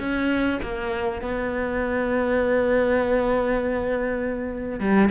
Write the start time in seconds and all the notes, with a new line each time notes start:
0.00 C#4
0.62 A#3
1.22 B3
4.79 G3